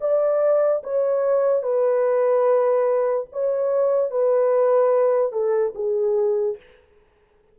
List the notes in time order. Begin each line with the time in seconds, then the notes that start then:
0.00 D5
0.83 C#5
1.62 B4
3.32 C#5
4.10 B4
5.32 A4
5.75 G#4